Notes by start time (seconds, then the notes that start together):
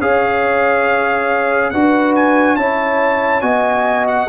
0.00 C#4 G#4 C#5 F5
1.70 D4 F#4 B4 F#5
2.16 G#5
2.56 C#4 E4 C#5 A5
3.41 B3 F#4 D#5 G#5
4.07 F#5